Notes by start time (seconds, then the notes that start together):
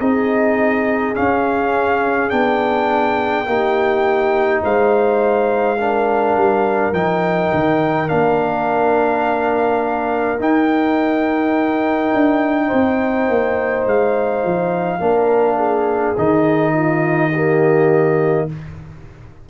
0.00 C4 D#4 G#4 D#5
1.15 C#4 F5
2.30 B3 D4 G5
3.46 A#3 D#4 G4
4.63 G#3 C5 F5
5.78 D4 A#4
6.37 G3
6.93 F3 D#4 G5
7.54 D#3
8.08 A#3 D4 F5
10.40 D#4 G5
12.14 D4
12.67 C5
12.74 C4
13.29 A#3
13.86 G#3 F5
14.44 F3
15.00 A#3 D4 A#4
15.58 G#4
16.18 D#3 D#4 D#5
16.74 F4
17.32 A#3 G4